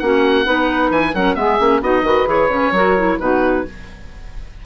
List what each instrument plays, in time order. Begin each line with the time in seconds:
0.00 bassoon A#3, clarinet C#4, saxophone F#4, oboe F#5
0.45 bassoon B3, clarinet D#4, saxophone B4
0.91 bassoon E3, oboe G#5
1.14 bassoon F#3, clarinet C#4, saxophone A#4, oboe F#5
1.35 bassoon G#3, clarinet B3, saxophone G#4, oboe E5
1.60 bassoon A#3, clarinet C#4
1.80 bassoon B3, clarinet D#4, saxophone F#4, oboe D#5
2.03 bassoon D#3, clarinet F#4, saxophone B4
2.27 bassoon E3, clarinet G#4, oboe C#5
2.49 bassoon C#3, clarinet C#4
2.72 bassoon F#3, clarinet F#4, saxophone A#4
2.97 clarinet E4
3.19 bassoon B2, clarinet D#4, saxophone F#4, oboe B4